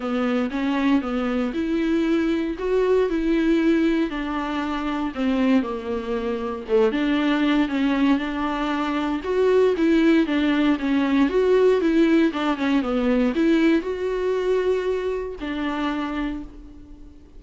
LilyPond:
\new Staff \with { instrumentName = "viola" } { \time 4/4 \tempo 4 = 117 b4 cis'4 b4 e'4~ | e'4 fis'4 e'2 | d'2 c'4 ais4~ | ais4 a8 d'4. cis'4 |
d'2 fis'4 e'4 | d'4 cis'4 fis'4 e'4 | d'8 cis'8 b4 e'4 fis'4~ | fis'2 d'2 | }